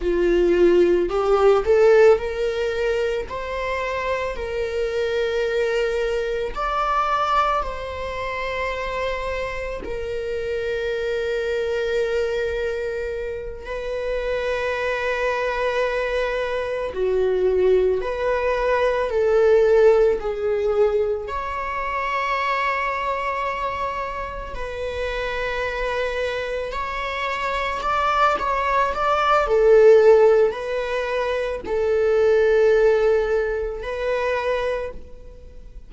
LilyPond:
\new Staff \with { instrumentName = "viola" } { \time 4/4 \tempo 4 = 55 f'4 g'8 a'8 ais'4 c''4 | ais'2 d''4 c''4~ | c''4 ais'2.~ | ais'8 b'2. fis'8~ |
fis'8 b'4 a'4 gis'4 cis''8~ | cis''2~ cis''8 b'4.~ | b'8 cis''4 d''8 cis''8 d''8 a'4 | b'4 a'2 b'4 | }